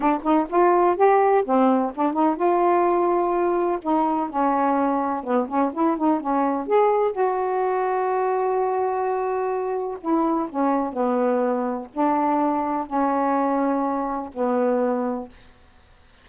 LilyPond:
\new Staff \with { instrumentName = "saxophone" } { \time 4/4 \tempo 4 = 126 d'8 dis'8 f'4 g'4 c'4 | d'8 dis'8 f'2. | dis'4 cis'2 b8 cis'8 | e'8 dis'8 cis'4 gis'4 fis'4~ |
fis'1~ | fis'4 e'4 cis'4 b4~ | b4 d'2 cis'4~ | cis'2 b2 | }